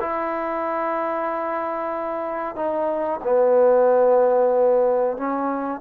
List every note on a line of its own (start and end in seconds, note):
0.00 2.55 E4
2.55 3.20 D#4
3.23 5.17 B3
5.17 5.80 C#4